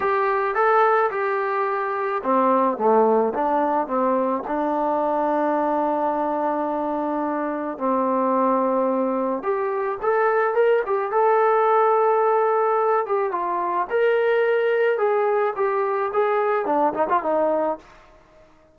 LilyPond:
\new Staff \with { instrumentName = "trombone" } { \time 4/4 \tempo 4 = 108 g'4 a'4 g'2 | c'4 a4 d'4 c'4 | d'1~ | d'2 c'2~ |
c'4 g'4 a'4 ais'8 g'8 | a'2.~ a'8 g'8 | f'4 ais'2 gis'4 | g'4 gis'4 d'8 dis'16 f'16 dis'4 | }